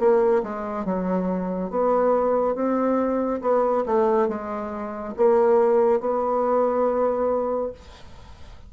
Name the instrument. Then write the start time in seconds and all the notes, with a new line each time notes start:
bassoon
0.00 A#3
0.44 G#3
0.85 F#3
1.71 B3
2.56 C4
3.42 B3
3.86 A3
4.29 G#3
5.17 A#3
6.01 B3